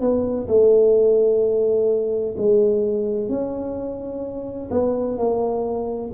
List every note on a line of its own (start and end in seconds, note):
0.00 0.47 B3
0.47 2.35 A3
2.37 3.29 G#3
3.29 4.70 C#4
4.70 5.17 B3
5.17 6.11 A#3